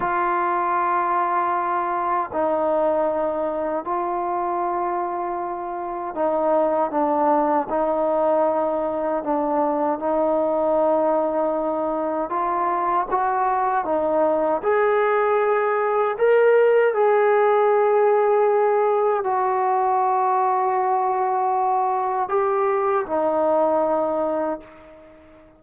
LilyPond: \new Staff \with { instrumentName = "trombone" } { \time 4/4 \tempo 4 = 78 f'2. dis'4~ | dis'4 f'2. | dis'4 d'4 dis'2 | d'4 dis'2. |
f'4 fis'4 dis'4 gis'4~ | gis'4 ais'4 gis'2~ | gis'4 fis'2.~ | fis'4 g'4 dis'2 | }